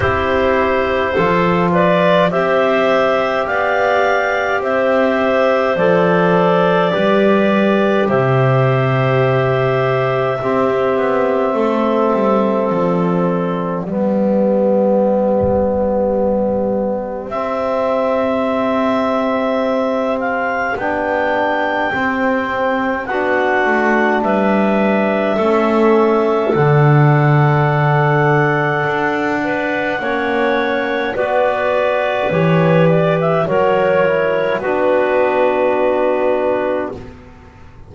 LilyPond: <<
  \new Staff \with { instrumentName = "clarinet" } { \time 4/4 \tempo 4 = 52 c''4. d''8 e''4 f''4 | e''4 d''2 e''4~ | e''2. d''4~ | d''2. e''4~ |
e''4. f''8 g''2 | fis''4 e''2 fis''4~ | fis''2. d''4 | cis''8 d''16 e''16 cis''4 b'2 | }
  \new Staff \with { instrumentName = "clarinet" } { \time 4/4 g'4 a'8 b'8 c''4 d''4 | c''2 b'4 c''4~ | c''4 g'4 a'2 | g'1~ |
g'1 | fis'4 b'4 a'2~ | a'4. b'8 cis''4 b'4~ | b'4 ais'4 fis'2 | }
  \new Staff \with { instrumentName = "trombone" } { \time 4/4 e'4 f'4 g'2~ | g'4 a'4 g'2~ | g'4 c'2. | b2. c'4~ |
c'2 d'4 c'4 | d'2 cis'4 d'4~ | d'2 cis'4 fis'4 | g'4 fis'8 e'8 d'2 | }
  \new Staff \with { instrumentName = "double bass" } { \time 4/4 c'4 f4 c'4 b4 | c'4 f4 g4 c4~ | c4 c'8 b8 a8 g8 f4 | g2. c'4~ |
c'2 b4 c'4 | b8 a8 g4 a4 d4~ | d4 d'4 ais4 b4 | e4 fis4 b2 | }
>>